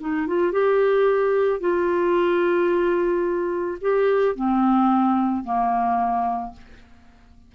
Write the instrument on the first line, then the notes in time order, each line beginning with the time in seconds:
clarinet
0.00 D#4
0.27 F4
0.52 G4
1.60 F4
3.81 G4
4.36 C4
5.44 A#3